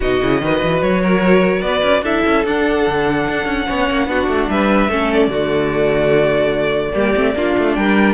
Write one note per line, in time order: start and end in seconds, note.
0.00 0.22 B2
0.00 0.21 D#4
0.00 0.40 F#4
0.00 0.82 D#5
0.21 0.41 C#3
0.21 0.42 E4
0.41 0.61 D#3
0.41 2.04 F#4
0.41 1.01 B4
0.63 0.82 E3
0.82 1.61 F#3
0.82 1.61 C#5
1.01 1.62 A#4
1.61 1.82 B3
1.61 2.03 B4
1.61 2.02 D5
1.82 2.02 C#4
2.02 2.22 D4
2.02 2.44 E4
2.02 3.66 A4
2.02 2.45 E5
2.26 2.45 C#4
2.45 2.85 D4
2.45 3.66 D4
2.45 4.49 F#5
2.86 3.27 D3
3.28 3.45 D4
3.45 3.66 C#4
3.66 3.89 B3
3.66 4.07 C#4
3.66 4.07 C#5
3.89 4.07 A#3
4.07 4.27 B3
4.07 4.89 D4
4.07 4.50 F#4
4.27 4.48 A3
4.49 4.88 G3
4.49 4.90 B4
4.49 5.10 E5
4.88 5.27 A3
4.88 5.31 C#4
4.88 5.29 A4
5.12 7.74 D5
5.27 6.91 D3
5.27 6.93 A3
5.27 6.92 F#4
6.93 7.15 G3
6.93 7.14 A#3
6.93 7.35 G4
7.15 7.34 A3
7.15 7.35 C4
7.34 7.55 A#3
7.34 8.14 D4
7.34 7.77 F4
7.58 7.77 A3
7.74 8.14 G3
7.74 8.14 A#4
7.74 8.14 G5